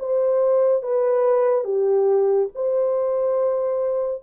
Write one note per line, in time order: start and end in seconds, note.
0.00 0.83 C5
0.83 1.65 B4
1.65 2.49 G4
2.55 4.23 C5